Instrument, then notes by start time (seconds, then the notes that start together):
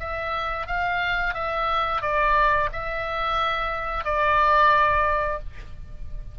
oboe
0.00 E5
0.67 F5
1.35 E5
2.02 D5
2.73 E5
4.05 D5